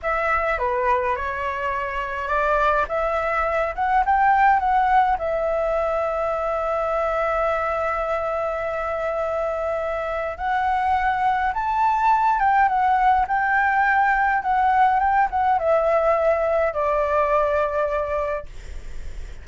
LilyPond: \new Staff \with { instrumentName = "flute" } { \time 4/4 \tempo 4 = 104 e''4 b'4 cis''2 | d''4 e''4. fis''8 g''4 | fis''4 e''2.~ | e''1~ |
e''2 fis''2 | a''4. g''8 fis''4 g''4~ | g''4 fis''4 g''8 fis''8 e''4~ | e''4 d''2. | }